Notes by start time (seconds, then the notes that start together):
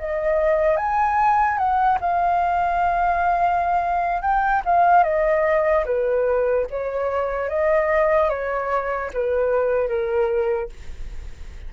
0.00 D#5
0.77 G#5
1.58 F#5
2.01 F5
4.22 G5
4.65 F5
5.04 D#5
5.86 B4
6.71 C#5
7.50 D#5
8.30 C#5
9.14 B4
9.88 A#4